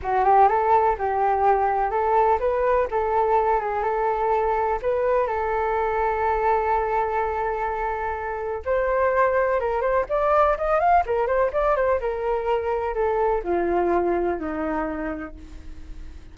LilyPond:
\new Staff \with { instrumentName = "flute" } { \time 4/4 \tempo 4 = 125 fis'8 g'8 a'4 g'2 | a'4 b'4 a'4. gis'8 | a'2 b'4 a'4~ | a'1~ |
a'2 c''2 | ais'8 c''8 d''4 dis''8 f''8 ais'8 c''8 | d''8 c''8 ais'2 a'4 | f'2 dis'2 | }